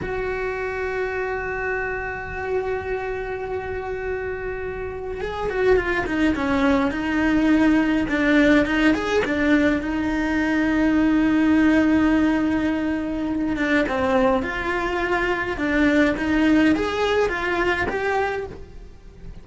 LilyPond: \new Staff \with { instrumentName = "cello" } { \time 4/4 \tempo 4 = 104 fis'1~ | fis'1~ | fis'4 gis'8 fis'8 f'8 dis'8 cis'4 | dis'2 d'4 dis'8 gis'8 |
d'4 dis'2.~ | dis'2.~ dis'8 d'8 | c'4 f'2 d'4 | dis'4 gis'4 f'4 g'4 | }